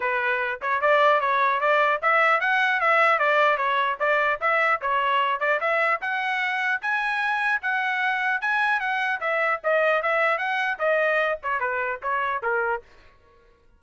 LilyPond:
\new Staff \with { instrumentName = "trumpet" } { \time 4/4 \tempo 4 = 150 b'4. cis''8 d''4 cis''4 | d''4 e''4 fis''4 e''4 | d''4 cis''4 d''4 e''4 | cis''4. d''8 e''4 fis''4~ |
fis''4 gis''2 fis''4~ | fis''4 gis''4 fis''4 e''4 | dis''4 e''4 fis''4 dis''4~ | dis''8 cis''8 b'4 cis''4 ais'4 | }